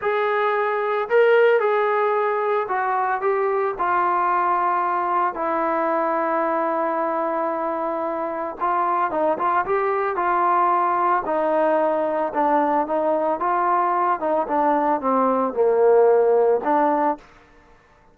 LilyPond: \new Staff \with { instrumentName = "trombone" } { \time 4/4 \tempo 4 = 112 gis'2 ais'4 gis'4~ | gis'4 fis'4 g'4 f'4~ | f'2 e'2~ | e'1 |
f'4 dis'8 f'8 g'4 f'4~ | f'4 dis'2 d'4 | dis'4 f'4. dis'8 d'4 | c'4 ais2 d'4 | }